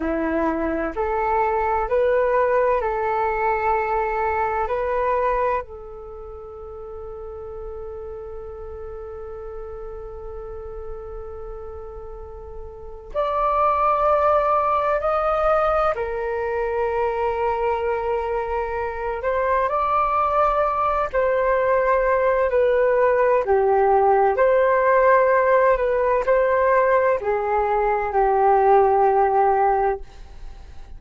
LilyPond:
\new Staff \with { instrumentName = "flute" } { \time 4/4 \tempo 4 = 64 e'4 a'4 b'4 a'4~ | a'4 b'4 a'2~ | a'1~ | a'2 d''2 |
dis''4 ais'2.~ | ais'8 c''8 d''4. c''4. | b'4 g'4 c''4. b'8 | c''4 gis'4 g'2 | }